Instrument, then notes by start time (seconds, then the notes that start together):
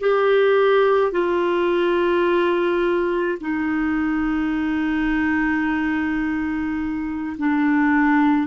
clarinet
0.00 G4
1.11 F4
3.40 D#4
7.38 D4